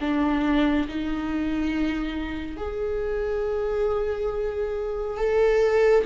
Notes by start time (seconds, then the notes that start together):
0.00 D4
0.88 D#4
2.57 G#4
5.17 A4